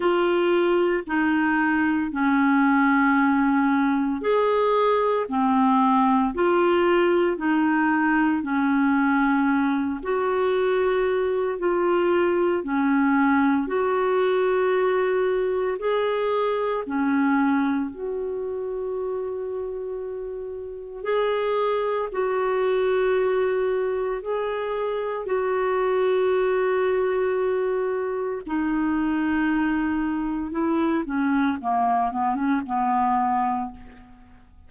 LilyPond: \new Staff \with { instrumentName = "clarinet" } { \time 4/4 \tempo 4 = 57 f'4 dis'4 cis'2 | gis'4 c'4 f'4 dis'4 | cis'4. fis'4. f'4 | cis'4 fis'2 gis'4 |
cis'4 fis'2. | gis'4 fis'2 gis'4 | fis'2. dis'4~ | dis'4 e'8 cis'8 ais8 b16 cis'16 b4 | }